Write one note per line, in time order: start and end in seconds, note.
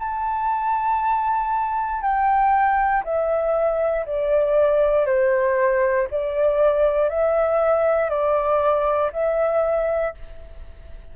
0.00 2.02 A5
2.02 3.04 G5
3.05 4.06 E5
4.06 5.07 D5
5.07 6.08 C5
6.11 7.10 D5
7.10 8.10 E5
8.10 9.12 D5
9.13 10.15 E5